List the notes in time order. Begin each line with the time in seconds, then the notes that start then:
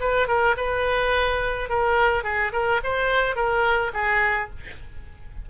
0.00 B4
0.27 A#4
0.57 B4
1.69 A#4
2.24 G#4
2.52 A#4
2.83 C5
3.35 A#4
3.94 G#4